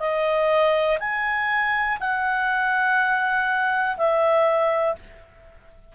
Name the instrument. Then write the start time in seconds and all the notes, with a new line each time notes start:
clarinet
0.00 D#5
1.00 G#5
2.00 F#5
3.97 E5